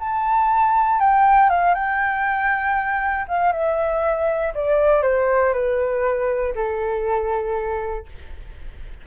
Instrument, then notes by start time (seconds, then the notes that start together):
flute
0.00 A5
1.00 G5
1.50 F5
1.75 G5
3.29 F5
3.53 E5
4.55 D5
5.03 C5
5.54 B4
6.55 A4